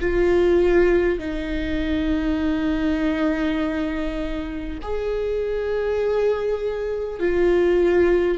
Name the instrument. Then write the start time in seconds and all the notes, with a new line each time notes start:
viola
0.00 F4
1.19 D#4
4.82 G#4
7.19 F4